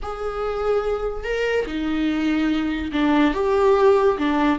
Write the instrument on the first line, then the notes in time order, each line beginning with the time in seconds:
viola
0.02 G#4
1.23 A#4
1.66 D#4
2.92 D4
3.34 G4
4.18 D4